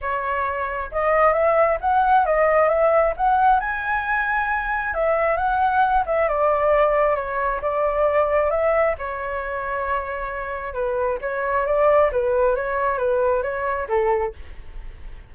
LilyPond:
\new Staff \with { instrumentName = "flute" } { \time 4/4 \tempo 4 = 134 cis''2 dis''4 e''4 | fis''4 dis''4 e''4 fis''4 | gis''2. e''4 | fis''4. e''8 d''2 |
cis''4 d''2 e''4 | cis''1 | b'4 cis''4 d''4 b'4 | cis''4 b'4 cis''4 a'4 | }